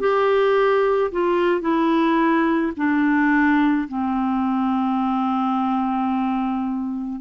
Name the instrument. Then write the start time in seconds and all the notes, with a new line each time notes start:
clarinet
0.00 G4
1.12 F4
1.61 E4
2.76 D4
3.88 C4